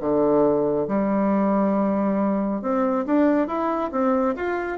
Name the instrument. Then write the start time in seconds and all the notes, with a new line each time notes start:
bassoon
0.00 D3
0.88 G3
2.61 C4
3.06 D4
3.47 E4
3.91 C4
4.35 F4